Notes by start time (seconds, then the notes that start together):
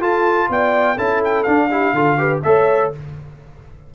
0.00 F4 A4 A5
0.49 B3 D5 G5
0.96 C#4 E4 A4 A5
1.24 G5
1.44 D4 F5
1.71 E4 G4
1.93 D3 F4 A4
2.18 G4 B4
2.43 A3 A4 C#5 E5